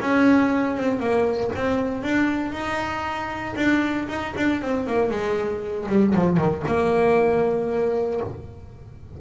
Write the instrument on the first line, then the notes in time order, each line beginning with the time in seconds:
double bass
0.00 C#4
0.76 C4
0.99 A#3
1.55 C4
2.03 D4
2.52 D#4
3.56 D4
4.08 D#4
4.36 D4
4.61 C4
4.86 A#3
5.10 G#3
5.88 G3
6.14 F3
6.37 D#3
6.66 A#3